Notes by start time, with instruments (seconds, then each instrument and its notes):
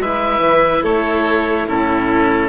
0.00 bassoon G#3, cello E4, violin B4, oboe E5
0.39 bassoon E3
0.83 bassoon A3, violin A4, oboe C#5
1.68 bassoon A2, cello C#4, violin E4, oboe A4